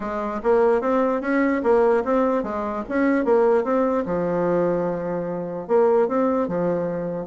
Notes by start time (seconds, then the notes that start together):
0.00 G#3
0.43 A#3
0.81 C4
1.21 C#4
1.63 A#3
2.04 C4
2.43 G#3
2.89 C#4
3.24 A#3
3.64 C4
4.05 F3
5.67 A#3
6.08 C4
6.48 F3